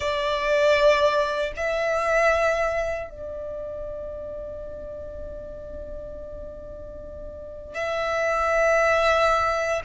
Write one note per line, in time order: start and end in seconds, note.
0.00 1.52 D5
1.56 3.10 E5
3.10 7.74 D5
7.74 9.81 E5